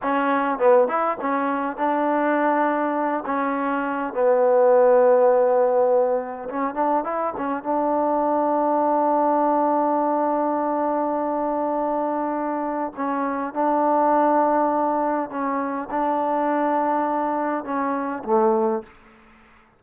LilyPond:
\new Staff \with { instrumentName = "trombone" } { \time 4/4 \tempo 4 = 102 cis'4 b8 e'8 cis'4 d'4~ | d'4. cis'4. b4~ | b2. cis'8 d'8 | e'8 cis'8 d'2.~ |
d'1~ | d'2 cis'4 d'4~ | d'2 cis'4 d'4~ | d'2 cis'4 a4 | }